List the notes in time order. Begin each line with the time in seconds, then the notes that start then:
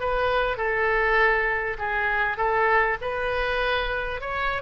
0.00 B4
0.57 A4
1.78 G#4
2.37 A4
3.01 B4
4.21 C#5